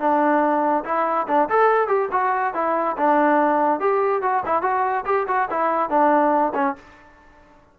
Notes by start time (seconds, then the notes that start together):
0.00 D4
0.85 E4
1.28 D4
1.50 A4
1.88 G4
2.12 F#4
2.54 E4
2.98 D4
3.80 G4
4.22 F#4
4.46 E4
4.62 F#4
5.06 G4
5.28 F#4
5.51 E4
5.90 D4
6.55 C#4